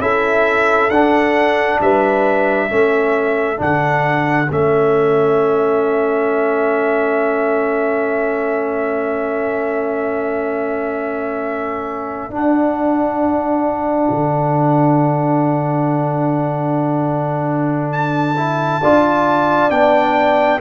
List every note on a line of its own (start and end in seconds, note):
0.00 0.90 C#4
0.00 0.91 E4
0.00 1.82 A4
0.00 0.91 E5
0.90 1.80 D4
0.90 2.70 D4
0.90 1.80 F#5
1.81 2.70 G3
1.81 2.70 B4
1.81 3.61 E5
2.70 3.60 A3
2.70 3.57 C#4
2.70 18.82 A4
3.57 4.50 D3
3.57 4.47 D4
3.57 4.52 F#5
4.51 12.30 A3
4.51 12.31 C#4
4.51 12.35 E5
12.30 14.09 D4
12.30 18.36 D4
12.30 17.93 F#5
14.10 18.81 D3
17.93 19.71 A5
18.37 18.82 E4
18.82 19.71 D4
18.82 19.71 F4
18.82 20.61 D5
19.71 20.61 B3
19.71 20.60 D4
19.71 20.60 G5